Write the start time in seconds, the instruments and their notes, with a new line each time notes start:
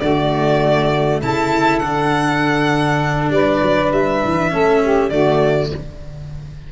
0.00 tuba D3, cello A3, saxophone F#4, violin D5
1.22 tuba C#3, cello E4, saxophone A4, violin A5
1.79 tuba D3, cello D4, violin F#5
3.30 tuba G3, saxophone B4, violin D5
3.63 tuba F#3
3.92 tuba G3, violin E5
4.25 tuba E3
4.51 tuba A3, cello C#4, saxophone A4
4.83 saxophone G4
5.10 tuba D3, cello A3, saxophone F#4, violin D5